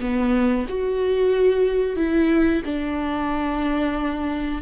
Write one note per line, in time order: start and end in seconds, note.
0.00 0.66 B3
0.68 1.96 F#4
1.96 2.62 E4
2.65 4.62 D4